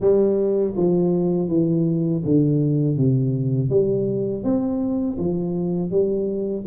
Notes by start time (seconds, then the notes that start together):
0.00 G3
0.76 F3
1.48 E3
2.25 D3
2.96 C3
3.69 G3
4.43 C4
5.18 F3
5.90 G3